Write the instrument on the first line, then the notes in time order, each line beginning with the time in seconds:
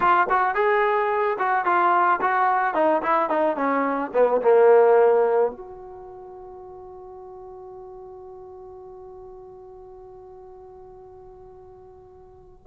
trombone
0.00 F4
0.29 F#4
0.55 G#4
1.39 F#4
1.65 F4
2.21 F#4
2.74 D#4
3.02 E4
3.29 D#4
3.56 C#4
4.13 B3
4.41 A#3
5.51 F#4